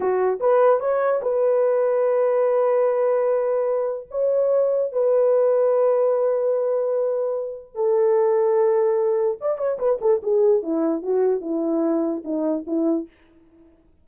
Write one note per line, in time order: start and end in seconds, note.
0.00 0.39 F#4
0.40 0.80 B4
0.80 1.20 C#5
1.22 4.07 B4
4.10 4.92 C#5
4.92 7.74 B4
7.74 9.37 A4
9.41 9.58 D5
9.58 9.78 C#5
9.78 9.99 B4
10.01 10.21 A4
10.22 10.62 G#4
10.62 11.02 E4
11.02 11.41 F#4
11.41 12.22 E4
12.24 12.65 D#4
12.66 13.07 E4